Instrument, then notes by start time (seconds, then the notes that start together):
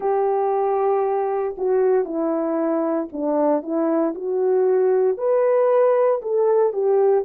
horn
0.00 G4
1.57 F#4
2.04 E4
3.12 D4
3.62 E4
4.14 F#4
5.17 B4
6.22 A4
6.72 G4